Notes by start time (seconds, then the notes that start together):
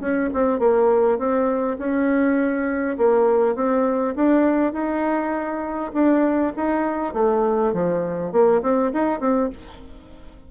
0.00 C#4
0.33 C4
0.59 A#3
1.18 C4
1.78 C#4
2.97 A#3
3.55 C4
4.16 D4
4.73 D#4
5.93 D4
6.56 D#4
7.14 A3
7.73 F3
8.32 A#3
8.62 C4
8.93 D#4
9.20 C4